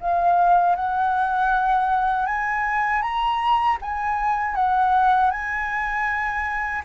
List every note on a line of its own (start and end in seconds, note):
0.00 0.75 F5
0.75 2.25 F#5
2.25 3.01 G#5
3.01 3.77 A#5
3.81 4.55 G#5
4.55 5.30 F#5
5.30 6.82 G#5